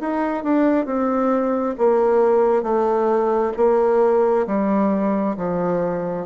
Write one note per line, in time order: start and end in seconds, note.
0.00 0.43 D#4
0.43 0.85 D4
0.85 1.75 C4
1.77 2.63 A#3
2.63 3.52 A3
3.57 4.46 A#3
4.46 5.36 G3
5.36 6.26 F3